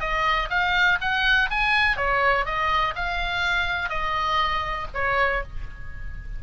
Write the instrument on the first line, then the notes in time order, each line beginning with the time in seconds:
oboe
0.00 D#5
0.50 F5
1.01 F#5
1.50 G#5
1.97 C#5
2.46 D#5
2.96 F5
3.89 D#5
4.94 C#5